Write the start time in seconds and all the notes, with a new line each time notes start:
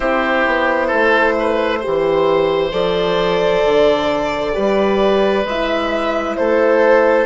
0.00 C4 E4 G4 C5
0.46 B3
0.87 A4
0.93 A3
1.39 B4
1.79 G4 C5
1.85 E3
2.72 F3 A4 D5
3.65 D3
4.53 G3 G4 B4
5.45 G#3 E4 E5
6.36 A3 A4 C5